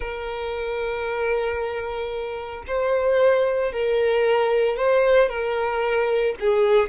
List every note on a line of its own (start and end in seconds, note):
0.00 2.64 A#4
2.67 3.72 C5
3.72 4.76 A#4
4.76 5.29 C5
5.29 6.35 A#4
6.40 6.89 G#4